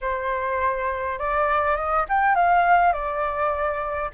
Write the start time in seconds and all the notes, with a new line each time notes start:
0.01 C5
1.18 D5
1.76 D#5
2.09 G5
2.35 F5
2.93 D5